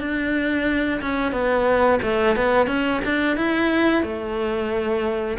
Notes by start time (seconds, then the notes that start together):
0.00 D4
1.01 C#4
1.32 B3
2.02 A3
2.36 B3
2.67 C#4
3.05 D4
3.37 E4
4.03 A3